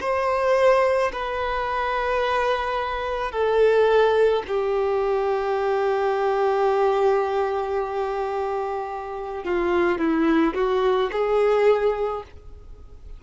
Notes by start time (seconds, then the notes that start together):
0.00 C5
1.12 B4
3.31 A4
4.47 G4
9.44 F4
9.98 E4
10.55 F#4
11.12 G#4